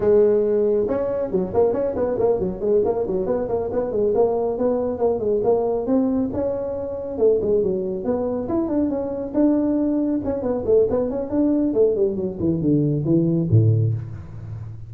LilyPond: \new Staff \with { instrumentName = "tuba" } { \time 4/4 \tempo 4 = 138 gis2 cis'4 fis8 ais8 | cis'8 b8 ais8 fis8 gis8 ais8 fis8 b8 | ais8 b8 gis8 ais4 b4 ais8 | gis8 ais4 c'4 cis'4.~ |
cis'8 a8 gis8 fis4 b4 e'8 | d'8 cis'4 d'2 cis'8 | b8 a8 b8 cis'8 d'4 a8 g8 | fis8 e8 d4 e4 a,4 | }